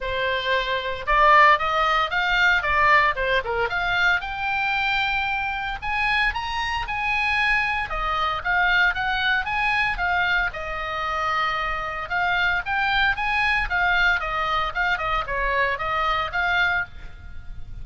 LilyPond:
\new Staff \with { instrumentName = "oboe" } { \time 4/4 \tempo 4 = 114 c''2 d''4 dis''4 | f''4 d''4 c''8 ais'8 f''4 | g''2. gis''4 | ais''4 gis''2 dis''4 |
f''4 fis''4 gis''4 f''4 | dis''2. f''4 | g''4 gis''4 f''4 dis''4 | f''8 dis''8 cis''4 dis''4 f''4 | }